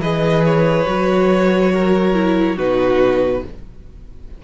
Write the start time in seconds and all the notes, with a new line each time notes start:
0.00 E3 G#4 B4 D#5
0.45 C#5
0.86 F#3 F#4
1.73 A#4
2.14 E4
2.56 B2 D#4 F#4 B4